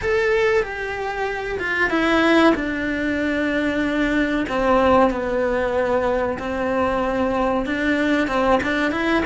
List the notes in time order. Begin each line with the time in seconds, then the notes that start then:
0.01 A4
0.62 G4
1.59 F4
1.89 E4
2.54 D4
4.49 C4
5.10 B3
6.39 C4
7.66 D4
8.27 C4
8.63 D4
8.91 E4